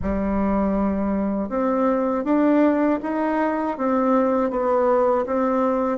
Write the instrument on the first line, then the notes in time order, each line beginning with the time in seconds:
bassoon
0.01 G3
1.49 C4
2.24 D4
3.02 D#4
3.77 C4
4.50 B3
5.26 C4